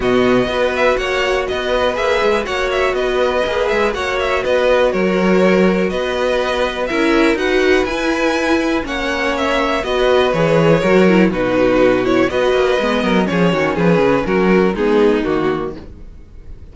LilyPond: <<
  \new Staff \with { instrumentName = "violin" } { \time 4/4 \tempo 4 = 122 dis''4. e''8 fis''4 dis''4 | e''4 fis''8 e''8 dis''4. e''8 | fis''8 e''8 dis''4 cis''2 | dis''2 e''4 fis''4 |
gis''2 fis''4 e''4 | dis''4 cis''2 b'4~ | b'8 cis''8 dis''2 cis''4 | b'4 ais'4 gis'4 fis'4 | }
  \new Staff \with { instrumentName = "violin" } { \time 4/4 fis'4 b'4 cis''4 b'4~ | b'4 cis''4 b'2 | cis''4 b'4 ais'2 | b'2 ais'4 b'4~ |
b'2 cis''2 | b'2 ais'4 fis'4~ | fis'4 b'4. ais'8 gis'8 fis'8 | gis'4 fis'4 dis'2 | }
  \new Staff \with { instrumentName = "viola" } { \time 4/4 b4 fis'2. | gis'4 fis'2 gis'4 | fis'1~ | fis'2 e'4 fis'4 |
e'2 cis'2 | fis'4 gis'4 fis'8 e'8 dis'4~ | dis'8 e'8 fis'4 b4 cis'4~ | cis'2 b4 ais4 | }
  \new Staff \with { instrumentName = "cello" } { \time 4/4 b,4 b4 ais4 b4 | ais8 gis8 ais4 b4 ais8 gis8 | ais4 b4 fis2 | b2 cis'4 dis'4 |
e'2 ais2 | b4 e4 fis4 b,4~ | b,4 b8 ais8 gis8 fis8 f8 dis8 | f8 cis8 fis4 gis4 dis4 | }
>>